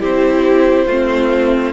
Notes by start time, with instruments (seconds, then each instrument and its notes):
0.00 cello C4, viola E4, violin G4 C5
0.86 cello A3, viola C4, violin F4